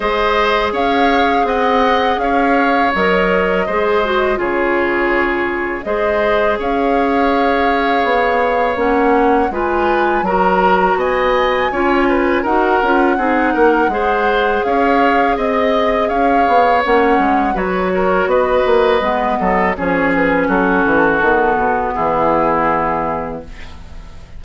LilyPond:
<<
  \new Staff \with { instrumentName = "flute" } { \time 4/4 \tempo 4 = 82 dis''4 f''4 fis''4 f''4 | dis''2 cis''2 | dis''4 f''2. | fis''4 gis''4 ais''4 gis''4~ |
gis''4 fis''2. | f''4 dis''4 f''4 fis''4 | cis''4 dis''2 cis''8 b'8 | a'2 gis'2 | }
  \new Staff \with { instrumentName = "oboe" } { \time 4/4 c''4 cis''4 dis''4 cis''4~ | cis''4 c''4 gis'2 | c''4 cis''2.~ | cis''4 b'4 ais'4 dis''4 |
cis''8 b'8 ais'4 gis'8 ais'8 c''4 | cis''4 dis''4 cis''2 | b'8 ais'8 b'4. a'8 gis'4 | fis'2 e'2 | }
  \new Staff \with { instrumentName = "clarinet" } { \time 4/4 gis'1 | ais'4 gis'8 fis'8 f'2 | gis'1 | cis'4 f'4 fis'2 |
f'4 fis'8 f'8 dis'4 gis'4~ | gis'2. cis'4 | fis'2 b4 cis'4~ | cis'4 b2. | }
  \new Staff \with { instrumentName = "bassoon" } { \time 4/4 gis4 cis'4 c'4 cis'4 | fis4 gis4 cis2 | gis4 cis'2 b4 | ais4 gis4 fis4 b4 |
cis'4 dis'8 cis'8 c'8 ais8 gis4 | cis'4 c'4 cis'8 b8 ais8 gis8 | fis4 b8 ais8 gis8 fis8 f4 | fis8 e8 dis8 b,8 e2 | }
>>